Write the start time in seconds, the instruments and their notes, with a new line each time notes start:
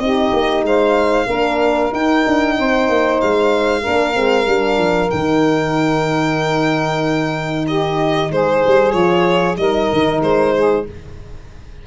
0.00 tuba C4, horn D#4, saxophone G4, violin D#5
0.33 tuba A#3
0.63 tuba G#3, saxophone C5, violin F5
1.27 tuba A#3, horn D4, saxophone A#4
1.93 horn D#4, tuba D#4, violin G5
2.27 tuba D4
2.59 tuba C4, saxophone C5
2.89 tuba A#3
3.21 tuba G#3, violin F5
3.82 horn D4, saxophone A#4
3.88 tuba A#3
4.14 tuba G#3, horn C4
4.47 tuba G3, horn D4
4.78 tuba F3
5.11 tuba D#3, horn D#4, violin G5
7.67 saxophone G4, violin D#5
8.32 tuba G#3, saxophone G#4, violin C5
8.67 tuba G3
8.92 tuba F3, horn F4, violin C#5
9.58 tuba G3, horn D#4, saxophone A#4, violin D#5
9.93 tuba D#3
10.22 tuba G#3, violin C5
10.55 saxophone G#4